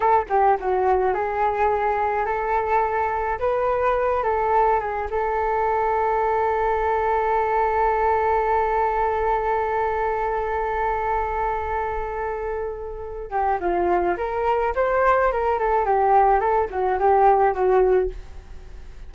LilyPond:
\new Staff \with { instrumentName = "flute" } { \time 4/4 \tempo 4 = 106 a'8 g'8 fis'4 gis'2 | a'2 b'4. a'8~ | a'8 gis'8 a'2.~ | a'1~ |
a'1~ | a'2.~ a'8 g'8 | f'4 ais'4 c''4 ais'8 a'8 | g'4 a'8 fis'8 g'4 fis'4 | }